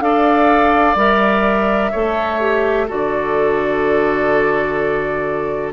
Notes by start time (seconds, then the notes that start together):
0.00 D4 A4 D5 F5
0.95 G3 A#4 E5
1.91 A3 A4 C#5
2.40 G4
2.87 D3 F#4 A4 D5